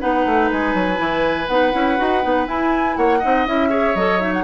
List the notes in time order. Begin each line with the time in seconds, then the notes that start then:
0.00 B3 D#4 B4 F#5
0.25 A3
0.51 G#3 G#5
0.74 F#3
0.96 E3 E4
1.47 B3 D#4 F#5
1.72 C#4 E4
1.97 D#4 F#4
2.22 B3 D#4
2.46 E4 G#5
2.97 A#3 C#5 F#5
3.19 D#4 D#5
3.25 C4
3.46 C#4 E4 E5
3.69 G#4 C#5
3.95 F#3 A4 D#5
4.20 D#4 E5
4.33 F#5